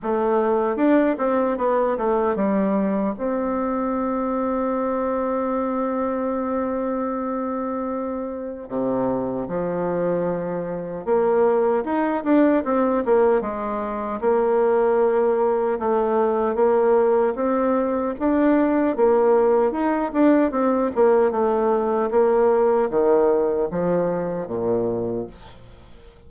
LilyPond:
\new Staff \with { instrumentName = "bassoon" } { \time 4/4 \tempo 4 = 76 a4 d'8 c'8 b8 a8 g4 | c'1~ | c'2. c4 | f2 ais4 dis'8 d'8 |
c'8 ais8 gis4 ais2 | a4 ais4 c'4 d'4 | ais4 dis'8 d'8 c'8 ais8 a4 | ais4 dis4 f4 ais,4 | }